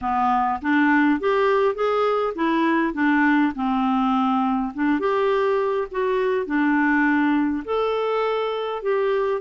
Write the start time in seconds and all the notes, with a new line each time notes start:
0.01 B3
0.61 D4
1.20 G4
1.74 G#4
2.35 E4
2.93 D4
3.55 C4
4.74 D4
4.99 G4
5.91 F#4
6.46 D4
7.64 A4
8.82 G4